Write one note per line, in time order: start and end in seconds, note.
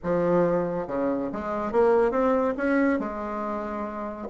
0.03 0.87 F3
0.87 1.30 C#3
1.32 1.71 G#3
1.71 2.11 A#3
2.11 2.54 C4
2.57 2.99 C#4
2.99 4.27 G#3